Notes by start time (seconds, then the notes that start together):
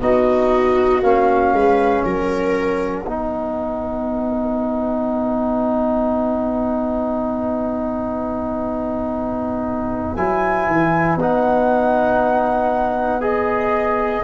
0.00 B3 D#4 F#4 D#5
1.02 A#3 C#4 F5
1.53 G#3 B4
2.04 F#3 A#4 F#5
3.06 B3 D#4 B4
10.15 F#3 E4 G#5
10.67 E3
11.16 B3 D#4 F#5
13.21 G#4 D#5